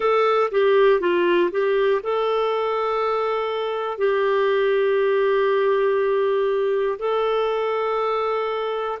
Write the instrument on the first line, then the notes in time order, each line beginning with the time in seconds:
clarinet
0.00 A4
0.50 G4
1.00 F4
1.50 G4
2.03 A4
3.98 G4
6.99 A4